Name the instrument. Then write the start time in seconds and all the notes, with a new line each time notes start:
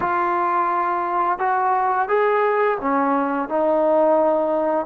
trombone
0.00 F4
1.38 F#4
2.08 G#4
2.80 C#4
3.49 D#4